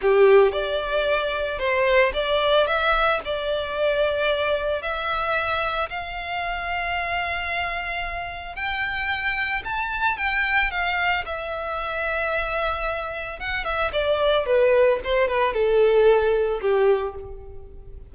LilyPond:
\new Staff \with { instrumentName = "violin" } { \time 4/4 \tempo 4 = 112 g'4 d''2 c''4 | d''4 e''4 d''2~ | d''4 e''2 f''4~ | f''1 |
g''2 a''4 g''4 | f''4 e''2.~ | e''4 fis''8 e''8 d''4 b'4 | c''8 b'8 a'2 g'4 | }